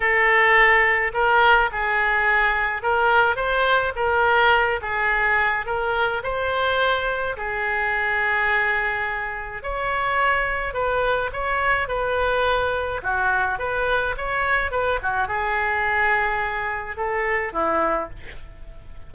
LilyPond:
\new Staff \with { instrumentName = "oboe" } { \time 4/4 \tempo 4 = 106 a'2 ais'4 gis'4~ | gis'4 ais'4 c''4 ais'4~ | ais'8 gis'4. ais'4 c''4~ | c''4 gis'2.~ |
gis'4 cis''2 b'4 | cis''4 b'2 fis'4 | b'4 cis''4 b'8 fis'8 gis'4~ | gis'2 a'4 e'4 | }